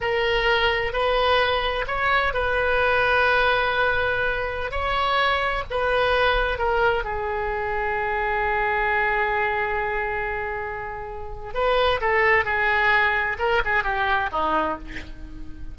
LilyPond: \new Staff \with { instrumentName = "oboe" } { \time 4/4 \tempo 4 = 130 ais'2 b'2 | cis''4 b'2.~ | b'2~ b'16 cis''4.~ cis''16~ | cis''16 b'2 ais'4 gis'8.~ |
gis'1~ | gis'1~ | gis'4 b'4 a'4 gis'4~ | gis'4 ais'8 gis'8 g'4 dis'4 | }